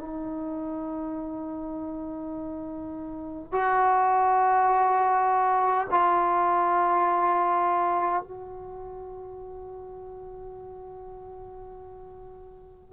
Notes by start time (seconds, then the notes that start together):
0.00 D#4
3.52 F#4
5.90 F4
8.22 F#4